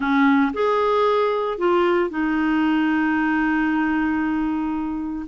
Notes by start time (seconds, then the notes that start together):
0.00 C#4
0.53 G#4
1.58 F4
2.10 D#4